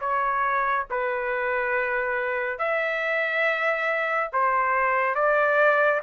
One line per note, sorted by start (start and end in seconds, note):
0.00 0.86 C#5
0.90 2.59 B4
2.59 4.30 E5
4.32 5.15 C5
5.15 6.01 D5